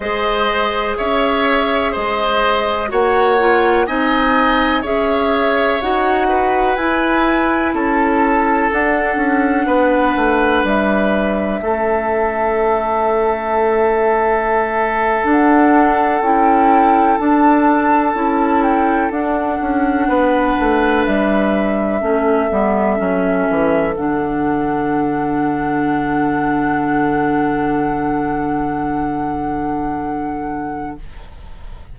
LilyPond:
<<
  \new Staff \with { instrumentName = "flute" } { \time 4/4 \tempo 4 = 62 dis''4 e''4 dis''4 fis''4 | gis''4 e''4 fis''4 gis''4 | a''4 fis''2 e''4~ | e''2.~ e''8. fis''16~ |
fis''8. g''4 a''4. g''8 fis''16~ | fis''4.~ fis''16 e''2~ e''16~ | e''8. fis''2.~ fis''16~ | fis''1 | }
  \new Staff \with { instrumentName = "oboe" } { \time 4/4 c''4 cis''4 c''4 cis''4 | dis''4 cis''4. b'4. | a'2 b'2 | a'1~ |
a'1~ | a'8. b'2 a'4~ a'16~ | a'1~ | a'1 | }
  \new Staff \with { instrumentName = "clarinet" } { \time 4/4 gis'2. fis'8 f'8 | dis'4 gis'4 fis'4 e'4~ | e'4 d'2. | cis'2.~ cis'8. d'16~ |
d'8. e'4 d'4 e'4 d'16~ | d'2~ d'8. cis'8 b8 cis'16~ | cis'8. d'2.~ d'16~ | d'1 | }
  \new Staff \with { instrumentName = "bassoon" } { \time 4/4 gis4 cis'4 gis4 ais4 | c'4 cis'4 dis'4 e'4 | cis'4 d'8 cis'8 b8 a8 g4 | a2.~ a8. d'16~ |
d'8. cis'4 d'4 cis'4 d'16~ | d'16 cis'8 b8 a8 g4 a8 g8 fis16~ | fis16 e8 d2.~ d16~ | d1 | }
>>